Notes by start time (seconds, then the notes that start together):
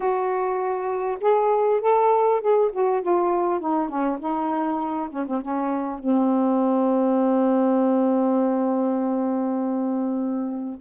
0.00 F#4
1.20 G#4
1.81 A4
2.40 G#4
2.72 F#4
3.02 F4
3.60 D#4
3.88 C#4
4.19 D#4
5.10 C#4
5.26 C4
5.41 C#4
5.98 C4